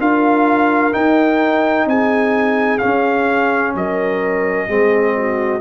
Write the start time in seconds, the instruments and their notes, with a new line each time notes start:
0.00 tuba D4, trombone F4, horn A#4, trumpet F5
0.92 trombone D#4, tuba D#4, trumpet G5
1.87 tuba C4, horn G#4, trumpet G#5
2.79 trombone C#4, tuba C#4, trumpet F5
3.75 tuba F#3, horn A#4, trumpet D#5
4.68 tuba G#3, trombone C4, horn G#4
5.17 horn F#4